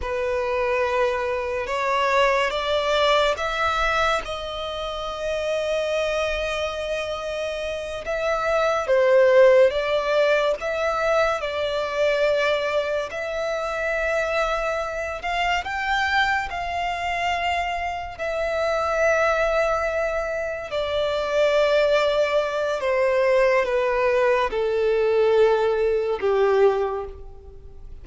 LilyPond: \new Staff \with { instrumentName = "violin" } { \time 4/4 \tempo 4 = 71 b'2 cis''4 d''4 | e''4 dis''2.~ | dis''4. e''4 c''4 d''8~ | d''8 e''4 d''2 e''8~ |
e''2 f''8 g''4 f''8~ | f''4. e''2~ e''8~ | e''8 d''2~ d''8 c''4 | b'4 a'2 g'4 | }